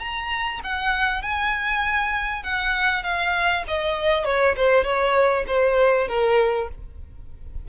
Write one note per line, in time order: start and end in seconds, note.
0.00 0.61 A#5
0.64 1.22 F#5
1.22 2.43 G#5
2.43 3.03 F#5
3.03 3.64 F5
3.68 4.25 D#5
4.25 4.56 C#5
4.57 4.84 C5
4.84 5.45 C#5
5.48 6.08 C5
6.08 6.69 A#4